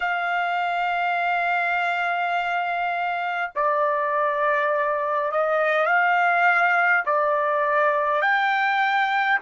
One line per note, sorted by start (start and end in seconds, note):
0.00 3.51 F5
3.55 5.31 D5
5.31 5.86 D#5
5.86 7.03 F5
7.05 8.21 D5
8.21 9.39 G5